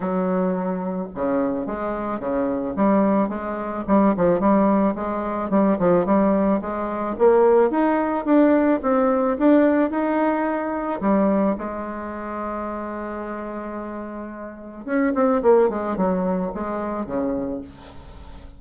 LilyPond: \new Staff \with { instrumentName = "bassoon" } { \time 4/4 \tempo 4 = 109 fis2 cis4 gis4 | cis4 g4 gis4 g8 f8 | g4 gis4 g8 f8 g4 | gis4 ais4 dis'4 d'4 |
c'4 d'4 dis'2 | g4 gis2.~ | gis2. cis'8 c'8 | ais8 gis8 fis4 gis4 cis4 | }